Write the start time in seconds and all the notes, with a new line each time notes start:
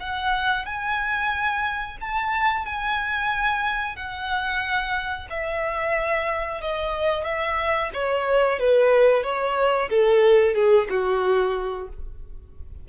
0.00 F#5
0.66 G#5
2.01 A5
2.66 G#5
3.96 F#5
5.30 E5
6.61 D#5
7.25 E5
7.94 C#5
8.59 B4
9.23 C#5
9.90 A4
10.55 G#4
10.89 F#4